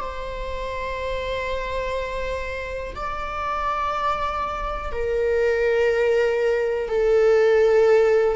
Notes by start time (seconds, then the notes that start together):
0.00 C5
2.96 D5
4.92 A#4
6.89 A4